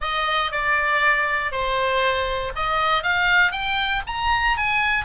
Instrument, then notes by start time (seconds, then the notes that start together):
oboe
0.01 D#5
0.51 D5
1.51 C5
2.55 D#5
3.03 F5
3.51 G5
4.06 A#5
4.57 G#5